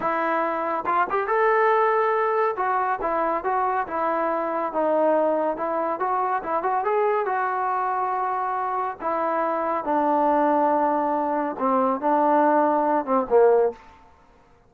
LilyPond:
\new Staff \with { instrumentName = "trombone" } { \time 4/4 \tempo 4 = 140 e'2 f'8 g'8 a'4~ | a'2 fis'4 e'4 | fis'4 e'2 dis'4~ | dis'4 e'4 fis'4 e'8 fis'8 |
gis'4 fis'2.~ | fis'4 e'2 d'4~ | d'2. c'4 | d'2~ d'8 c'8 ais4 | }